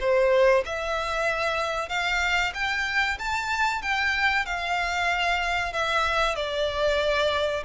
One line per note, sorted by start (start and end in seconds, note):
0.00 0.64 C5
0.65 1.89 E5
1.89 2.53 F5
2.54 3.18 G5
3.19 3.82 A5
3.82 4.45 G5
4.45 5.73 F5
5.73 6.36 E5
6.36 7.63 D5